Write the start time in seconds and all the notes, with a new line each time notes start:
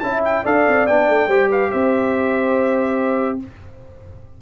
0.00 C#4 E4 E5 A5
0.25 G5
0.44 D4 A4 D5 F5
0.68 C4
0.87 B3 D4 G5
1.09 A3
1.28 G3 G4 C5
1.49 B4 F5
1.71 C4 C5 E5